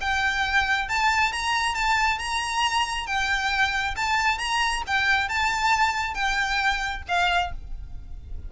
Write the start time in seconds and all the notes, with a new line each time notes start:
0.00 G5
0.88 A5
1.32 A#5
1.74 A5
2.18 A#5
3.06 G5
3.96 A5
4.38 A#5
4.87 G5
5.28 A5
6.14 G5
7.08 F5